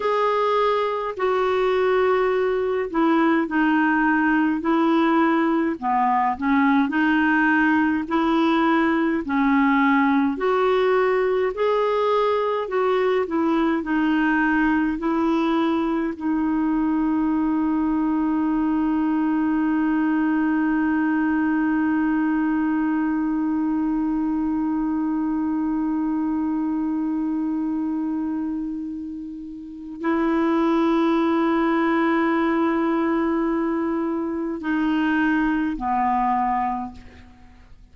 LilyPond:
\new Staff \with { instrumentName = "clarinet" } { \time 4/4 \tempo 4 = 52 gis'4 fis'4. e'8 dis'4 | e'4 b8 cis'8 dis'4 e'4 | cis'4 fis'4 gis'4 fis'8 e'8 | dis'4 e'4 dis'2~ |
dis'1~ | dis'1~ | dis'2 e'2~ | e'2 dis'4 b4 | }